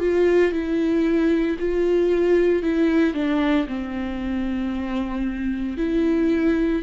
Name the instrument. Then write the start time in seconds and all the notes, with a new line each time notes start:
viola
0.00 F4
0.52 E4
1.59 F4
2.63 E4
3.14 D4
3.68 C4
5.78 E4